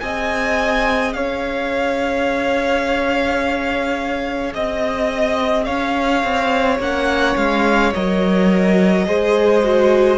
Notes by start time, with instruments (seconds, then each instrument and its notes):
0.00 cello C4, viola G#4, violin D#5 G#5
1.13 cello C#4, violin C#5 F5
4.54 cello C4, violin D#5
5.64 cello C#4, violin C#5 F5
6.23 cello C4
6.79 cello A#3, viola C#4, violin F#5
7.36 cello G#3, violin F5
7.94 cello F#3, viola A#4, violin D#5
9.05 cello G#3, viola G#4, violin C5
9.63 viola F#4